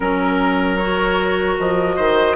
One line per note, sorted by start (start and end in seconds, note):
0.00 1.58 F#3
0.00 0.79 C#4
0.00 0.77 A#4
0.00 1.96 A#4
0.77 2.35 F#4
0.77 1.56 C#5
1.58 1.98 F3
1.58 2.35 D#5
1.96 2.35 D#3
1.96 2.35 C5